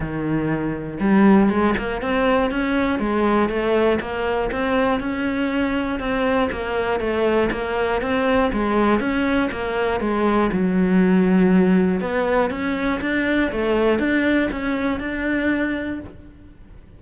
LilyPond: \new Staff \with { instrumentName = "cello" } { \time 4/4 \tempo 4 = 120 dis2 g4 gis8 ais8 | c'4 cis'4 gis4 a4 | ais4 c'4 cis'2 | c'4 ais4 a4 ais4 |
c'4 gis4 cis'4 ais4 | gis4 fis2. | b4 cis'4 d'4 a4 | d'4 cis'4 d'2 | }